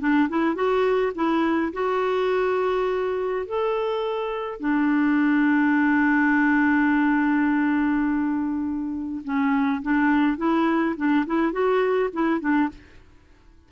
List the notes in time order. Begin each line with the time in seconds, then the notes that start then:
0.00 D4
0.29 E4
0.55 F#4
1.15 E4
1.73 F#4
3.46 A4
4.60 D4
9.24 C#4
9.82 D4
10.38 E4
10.97 D4
11.26 E4
11.52 F#4
12.13 E4
12.40 D4